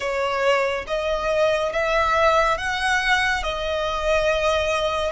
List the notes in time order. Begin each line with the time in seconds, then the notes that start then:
0.00 C#5
0.86 D#5
1.72 E5
2.57 F#5
3.43 D#5